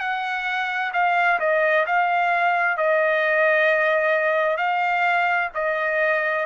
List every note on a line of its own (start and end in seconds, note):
0.00 0.92 F#5
0.94 1.40 F5
1.40 1.86 D#5
1.87 2.78 F5
2.78 4.58 D#5
4.58 5.50 F5
5.55 6.47 D#5